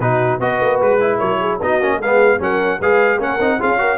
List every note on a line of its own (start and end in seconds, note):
0.00 0.40 B2
0.00 0.41 D#4
0.00 0.41 F#4
0.00 0.41 B4
0.40 0.60 B3
0.40 1.01 F#4
0.40 1.19 B4
0.40 0.81 D#5
0.61 0.81 A#3
0.81 1.21 G#3
0.81 1.19 B4
1.01 1.61 E4
1.19 1.62 F#3
1.19 1.39 A#4
1.19 1.59 C#5
1.41 1.61 G#4
1.62 1.81 B3
1.62 1.82 D#4
1.62 1.98 F#4
1.62 2.02 D#5
1.81 2.00 A#3
1.81 2.02 C#4
1.98 2.40 G#3
1.98 2.38 G#4
1.98 2.42 F5
2.04 2.39 B3
2.39 2.81 F#3
2.39 2.79 C#4
2.39 2.80 A#4
2.39 2.82 F#5
2.80 3.19 G#3
2.80 3.20 G#4
2.80 3.20 B4
2.80 3.22 F5
3.19 3.39 A#3
3.19 3.40 C#4
3.19 3.59 A#4
3.19 3.62 F#5
3.40 3.60 C4
3.40 3.61 D#4
3.59 3.98 C#4
3.59 3.79 F4
3.59 3.79 G#4
3.59 3.98 F5
3.79 3.98 F#4
3.79 3.98 A#4